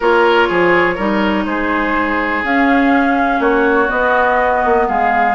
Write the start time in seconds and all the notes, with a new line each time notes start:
0.00 A#3 F4 A#4 C#5
0.48 F3 G#4
0.95 G3 D#4 A#4
1.45 G#3 G#4 C5
2.43 C#4 F5
3.39 A#3 F#4 C#5
3.87 B3 D#5
4.65 A#3
4.87 G#3 G#4 F5